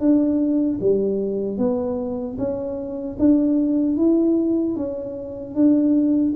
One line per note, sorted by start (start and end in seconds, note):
0.00 0.79 D4
0.81 1.58 G3
1.58 2.37 B3
2.38 3.17 C#4
3.19 3.97 D4
3.97 4.76 E4
4.76 5.55 C#4
5.55 6.34 D4